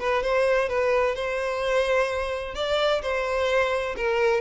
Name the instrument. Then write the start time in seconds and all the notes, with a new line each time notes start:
violin
0.00 B4
0.23 C5
0.69 B4
1.15 C5
2.55 D5
3.02 C5
3.97 A#4